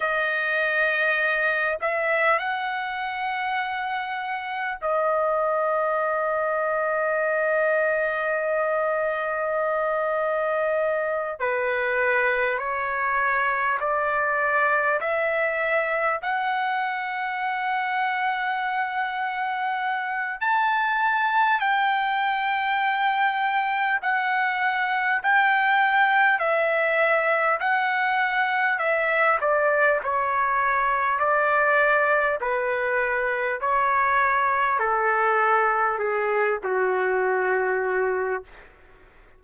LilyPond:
\new Staff \with { instrumentName = "trumpet" } { \time 4/4 \tempo 4 = 50 dis''4. e''8 fis''2 | dis''1~ | dis''4. b'4 cis''4 d''8~ | d''8 e''4 fis''2~ fis''8~ |
fis''4 a''4 g''2 | fis''4 g''4 e''4 fis''4 | e''8 d''8 cis''4 d''4 b'4 | cis''4 a'4 gis'8 fis'4. | }